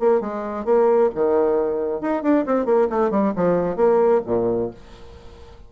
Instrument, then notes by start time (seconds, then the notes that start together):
bassoon
0.00 A#3
0.21 G#3
0.65 A#3
1.15 D#3
2.01 D#4
2.23 D4
2.46 C4
2.66 A#3
2.90 A3
3.11 G3
3.36 F3
3.77 A#3
4.26 A#2